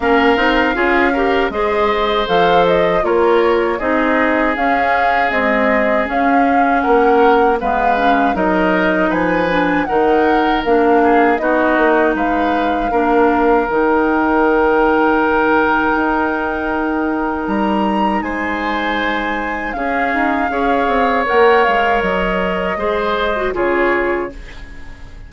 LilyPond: <<
  \new Staff \with { instrumentName = "flute" } { \time 4/4 \tempo 4 = 79 f''2 dis''4 f''8 dis''8 | cis''4 dis''4 f''4 dis''4 | f''4 fis''4 f''4 dis''4 | gis''4 fis''4 f''4 dis''4 |
f''2 g''2~ | g''2. ais''4 | gis''2 f''2 | fis''8 f''8 dis''2 cis''4 | }
  \new Staff \with { instrumentName = "oboe" } { \time 4/4 ais'4 gis'8 ais'8 c''2 | ais'4 gis'2.~ | gis'4 ais'4 b'4 ais'4 | b'4 ais'4. gis'8 fis'4 |
b'4 ais'2.~ | ais'1 | c''2 gis'4 cis''4~ | cis''2 c''4 gis'4 | }
  \new Staff \with { instrumentName = "clarinet" } { \time 4/4 cis'8 dis'8 f'8 g'8 gis'4 a'4 | f'4 dis'4 cis'4 gis4 | cis'2 b8 cis'8 dis'4~ | dis'8 d'8 dis'4 d'4 dis'4~ |
dis'4 d'4 dis'2~ | dis'1~ | dis'2 cis'4 gis'4 | ais'2 gis'8. fis'16 f'4 | }
  \new Staff \with { instrumentName = "bassoon" } { \time 4/4 ais8 c'8 cis'4 gis4 f4 | ais4 c'4 cis'4 c'4 | cis'4 ais4 gis4 fis4 | f4 dis4 ais4 b8 ais8 |
gis4 ais4 dis2~ | dis4 dis'2 g4 | gis2 cis'8 dis'8 cis'8 c'8 | ais8 gis8 fis4 gis4 cis4 | }
>>